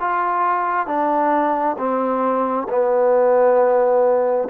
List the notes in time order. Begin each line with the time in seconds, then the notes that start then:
0.00 F4
0.87 D4
1.78 C4
2.69 B3